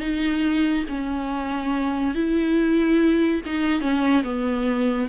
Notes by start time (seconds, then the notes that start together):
0.00 D#4
0.88 C#4
2.14 E4
3.46 D#4
3.81 C#4
4.23 B3